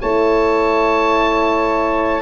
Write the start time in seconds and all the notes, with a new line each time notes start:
0.00 A3 E4 C#5 A5